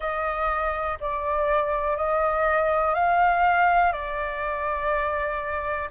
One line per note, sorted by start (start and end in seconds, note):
0.00 0.98 D#5
1.00 1.97 D5
1.97 2.94 D#5
2.94 3.92 F5
3.92 5.89 D5